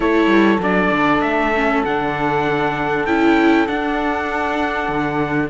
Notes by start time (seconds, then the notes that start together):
0.00 A3 E4 A4 C#5
0.26 G3
0.59 F#3 D4 D5
0.91 D3
1.21 A3 E5
1.55 C#4
1.85 D3 D4 F#5
3.05 C#4 E4 G5
3.67 D4 F#5
4.88 D3